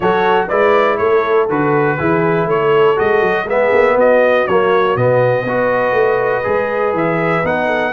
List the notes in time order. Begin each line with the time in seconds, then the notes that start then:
0.00 F#3 F#4 A4 C#5
0.47 G#3 E4 B4 D5
0.97 A3 A4 C#5
1.49 D3 F#4 B4
1.98 E3 E4 G#4
2.46 A3 A4 C#5
2.96 G#3 F#4 D#5
3.20 F#3
3.44 G#3 B3 G#4 E5
3.72 A#3
3.96 B3 F#4 D#5
4.47 F#3 A#3 C#5
4.96 B2 B3 D#5
5.44 B3 F#4 B4
5.91 A3
6.43 G#3 G#4
6.93 E3 E5
7.43 B3 D#4 F#5
7.66 A4